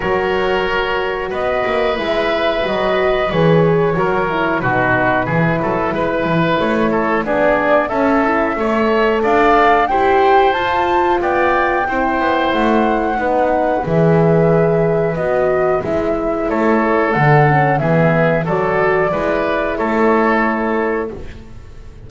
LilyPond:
<<
  \new Staff \with { instrumentName = "flute" } { \time 4/4 \tempo 4 = 91 cis''2 dis''4 e''4 | dis''4 cis''2 b'4~ | b'2 cis''4 d''4 | e''2 f''4 g''4 |
a''4 g''2 fis''4~ | fis''4 e''2 dis''4 | e''4 cis''4 fis''4 e''4 | d''2 cis''2 | }
  \new Staff \with { instrumentName = "oboe" } { \time 4/4 ais'2 b'2~ | b'2 ais'4 fis'4 | gis'8 a'8 b'4. a'8 gis'4 | a'4 cis''4 d''4 c''4~ |
c''4 d''4 c''2 | b'1~ | b'4 a'2 gis'4 | a'4 b'4 a'2 | }
  \new Staff \with { instrumentName = "horn" } { \time 4/4 fis'2. e'4 | fis'4 gis'4 fis'8 e'8 dis'4 | e'2. d'4 | cis'8 e'8 a'2 g'4 |
f'2 e'2 | dis'4 gis'2 fis'4 | e'2 d'8 cis'8 b4 | fis'4 e'2. | }
  \new Staff \with { instrumentName = "double bass" } { \time 4/4 fis2 b8 ais8 gis4 | fis4 e4 fis4 b,4 | e8 fis8 gis8 e8 a4 b4 | cis'4 a4 d'4 e'4 |
f'4 b4 c'8 b8 a4 | b4 e2 b4 | gis4 a4 d4 e4 | fis4 gis4 a2 | }
>>